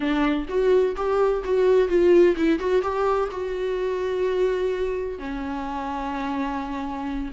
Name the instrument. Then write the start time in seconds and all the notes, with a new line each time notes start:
viola
0.00 D4
0.48 F#4
0.96 G4
1.44 F#4
1.88 F4
2.36 E4
2.59 F#4
2.82 G4
3.31 F#4
5.18 C#4